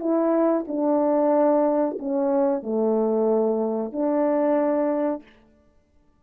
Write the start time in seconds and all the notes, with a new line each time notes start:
0.00 E4
0.68 D4
1.99 C#4
2.63 A3
3.92 D4